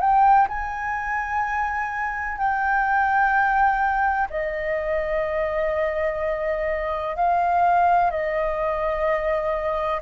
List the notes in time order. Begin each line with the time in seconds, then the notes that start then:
0.00 G5
0.48 G#5
2.37 G5
4.30 D#5
7.16 F5
8.10 D#5